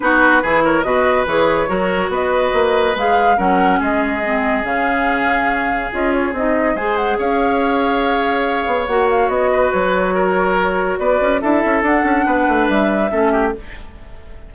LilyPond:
<<
  \new Staff \with { instrumentName = "flute" } { \time 4/4 \tempo 4 = 142 b'4. cis''8 dis''4 cis''4~ | cis''4 dis''2 f''4 | fis''4 dis''2 f''4~ | f''2 dis''8 cis''8 dis''4 |
gis''8 fis''8 f''2.~ | f''4 fis''8 f''8 dis''4 cis''4~ | cis''2 d''4 e''4 | fis''2 e''2 | }
  \new Staff \with { instrumentName = "oboe" } { \time 4/4 fis'4 gis'8 ais'8 b'2 | ais'4 b'2. | ais'4 gis'2.~ | gis'1 |
c''4 cis''2.~ | cis''2~ cis''8 b'4. | ais'2 b'4 a'4~ | a'4 b'2 a'8 g'8 | }
  \new Staff \with { instrumentName = "clarinet" } { \time 4/4 dis'4 e'4 fis'4 gis'4 | fis'2. gis'4 | cis'2 c'4 cis'4~ | cis'2 f'4 dis'4 |
gis'1~ | gis'4 fis'2.~ | fis'2. e'4 | d'2. cis'4 | }
  \new Staff \with { instrumentName = "bassoon" } { \time 4/4 b4 e4 b,4 e4 | fis4 b4 ais4 gis4 | fis4 gis2 cis4~ | cis2 cis'4 c'4 |
gis4 cis'2.~ | cis'8 b8 ais4 b4 fis4~ | fis2 b8 cis'8 d'8 cis'8 | d'8 cis'8 b8 a8 g4 a4 | }
>>